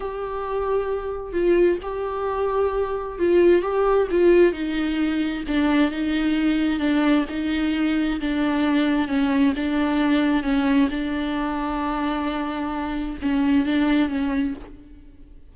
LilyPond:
\new Staff \with { instrumentName = "viola" } { \time 4/4 \tempo 4 = 132 g'2. f'4 | g'2. f'4 | g'4 f'4 dis'2 | d'4 dis'2 d'4 |
dis'2 d'2 | cis'4 d'2 cis'4 | d'1~ | d'4 cis'4 d'4 cis'4 | }